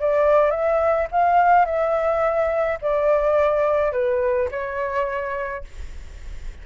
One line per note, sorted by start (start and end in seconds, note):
0.00 0.51 D5
0.51 1.07 E5
1.12 1.66 F5
1.66 2.79 E5
2.81 3.92 D5
3.92 4.49 B4
4.51 5.64 C#5